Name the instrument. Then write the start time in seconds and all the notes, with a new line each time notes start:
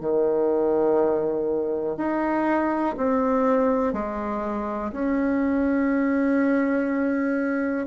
bassoon
0.00 D#3
1.97 D#4
2.96 C4
3.93 G#3
4.92 C#4